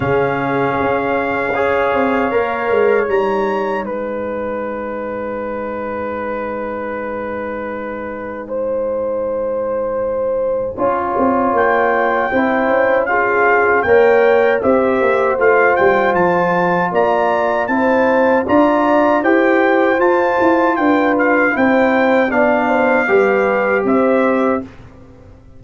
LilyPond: <<
  \new Staff \with { instrumentName = "trumpet" } { \time 4/4 \tempo 4 = 78 f''1 | ais''4 gis''2.~ | gis''1~ | gis''2. g''4~ |
g''4 f''4 g''4 e''4 | f''8 g''8 a''4 ais''4 a''4 | ais''4 g''4 a''4 g''8 f''8 | g''4 f''2 e''4 | }
  \new Staff \with { instrumentName = "horn" } { \time 4/4 gis'2 cis''2~ | cis''4 b'2.~ | b'2. c''4~ | c''2 cis''2 |
c''4 gis'4 cis''4 c''4~ | c''2 d''4 c''4 | d''4 c''2 b'4 | c''4 d''8 c''8 b'4 c''4 | }
  \new Staff \with { instrumentName = "trombone" } { \time 4/4 cis'2 gis'4 ais'4 | dis'1~ | dis'1~ | dis'2 f'2 |
e'4 f'4 ais'4 g'4 | f'2. e'4 | f'4 g'4 f'2 | e'4 d'4 g'2 | }
  \new Staff \with { instrumentName = "tuba" } { \time 4/4 cis4 cis'4. c'8 ais8 gis8 | g4 gis2.~ | gis1~ | gis2 cis'8 c'8 ais4 |
c'8 cis'4. ais4 c'8 ais8 | a8 g8 f4 ais4 c'4 | d'4 e'4 f'8 e'8 d'4 | c'4 b4 g4 c'4 | }
>>